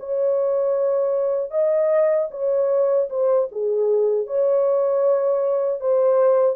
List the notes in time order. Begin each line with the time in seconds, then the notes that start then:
0.00 C#5
1.51 D#5
2.32 C#5
3.10 C5
3.52 G#4
4.27 C#5
5.81 C5